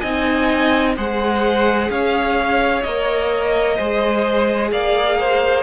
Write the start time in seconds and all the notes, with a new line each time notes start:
0.00 C4 D#4 D#5 G#5
0.96 G#3 G#4 C5 F#5
1.90 C#4 C#5 F5
2.83 A#3 A#4 D#5
3.77 G#3 G#4 C5
4.72 A#3 D5 F5
5.20 C5